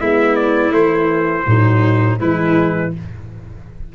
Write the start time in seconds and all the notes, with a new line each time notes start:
0.00 G#3 B3 E4 E5
0.36 D5
0.71 E3 A3 C5
1.46 A2 F#3 D#4
2.18 E3 G#3 E4 B4